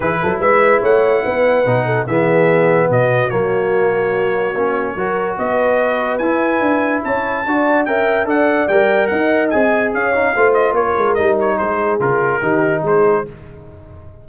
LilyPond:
<<
  \new Staff \with { instrumentName = "trumpet" } { \time 4/4 \tempo 4 = 145 b'4 e''4 fis''2~ | fis''4 e''2 dis''4 | cis''1~ | cis''4 dis''2 gis''4~ |
gis''4 a''2 g''4 | fis''4 g''4 fis''4 gis''4 | f''4. dis''8 cis''4 dis''8 cis''8 | c''4 ais'2 c''4 | }
  \new Staff \with { instrumentName = "horn" } { \time 4/4 gis'8 a'8 b'4 cis''4 b'4~ | b'8 a'8 gis'2 fis'4~ | fis'1 | ais'4 b'2.~ |
b'4 cis''4 d''4 e''4 | d''2 dis''2 | cis''4 c''4 ais'2 | gis'2 g'4 gis'4 | }
  \new Staff \with { instrumentName = "trombone" } { \time 4/4 e'1 | dis'4 b2. | ais2. cis'4 | fis'2. e'4~ |
e'2 fis'4 ais'4 | a'4 ais'2 gis'4~ | gis'8 dis'8 f'2 dis'4~ | dis'4 f'4 dis'2 | }
  \new Staff \with { instrumentName = "tuba" } { \time 4/4 e8 fis8 gis4 a4 b4 | b,4 e2 b,4 | fis2. ais4 | fis4 b2 e'4 |
d'4 cis'4 d'4 cis'4 | d'4 g4 dis'4 c'4 | cis'4 a4 ais8 gis8 g4 | gis4 cis4 dis4 gis4 | }
>>